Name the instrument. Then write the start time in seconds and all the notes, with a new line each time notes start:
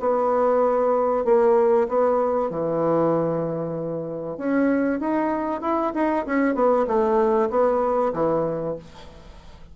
bassoon
0.00 B3
1.25 A#3
1.88 B3
2.50 E3
4.38 C#4
5.00 D#4
5.61 E4
5.94 D#4
6.26 C#4
6.55 B3
6.87 A3
7.50 B3
8.13 E3